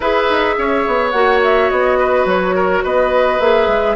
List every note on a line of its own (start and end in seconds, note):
0.00 0.28 E4
0.00 1.14 G#4
0.00 0.55 B4
0.00 1.10 E5
0.29 0.57 D#4
0.57 0.85 C#4
0.57 1.98 C#5
0.86 1.13 B3
1.10 1.69 A#3
1.10 3.40 F#4
1.10 1.39 F#5
1.43 1.69 E5
1.69 2.25 B3
1.69 2.26 D#5
1.98 2.55 B4
2.25 2.81 F#3
2.25 2.84 C#5
2.55 2.83 A#4
2.83 3.39 B3
2.83 3.96 B4
2.83 3.40 D#5
3.39 3.67 A#3
3.39 3.96 G#4
3.39 3.96 E5
3.67 3.96 G#3